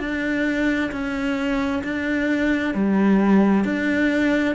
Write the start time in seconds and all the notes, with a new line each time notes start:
0.00 D4
0.92 C#4
1.84 D4
2.75 G3
3.65 D4